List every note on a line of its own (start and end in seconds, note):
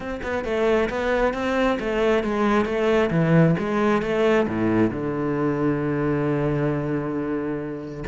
0.00 0.20 C4
0.23 0.44 B3
0.44 0.89 A3
0.89 1.33 B3
1.33 1.78 C4
1.79 2.23 A3
2.23 2.65 G#3
2.65 3.09 A3
3.10 3.55 E3
3.58 4.02 G#3
4.02 4.46 A3
4.48 4.90 A2
4.90 8.04 D3